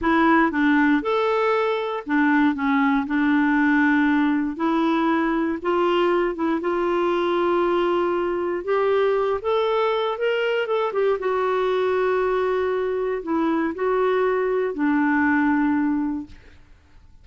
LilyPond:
\new Staff \with { instrumentName = "clarinet" } { \time 4/4 \tempo 4 = 118 e'4 d'4 a'2 | d'4 cis'4 d'2~ | d'4 e'2 f'4~ | f'8 e'8 f'2.~ |
f'4 g'4. a'4. | ais'4 a'8 g'8 fis'2~ | fis'2 e'4 fis'4~ | fis'4 d'2. | }